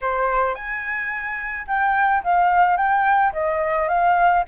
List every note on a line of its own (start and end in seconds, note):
0.01 0.54 C5
0.54 1.65 G#5
1.67 2.22 G5
2.23 2.77 F5
2.77 3.32 G5
3.33 3.88 D#5
3.88 4.44 F5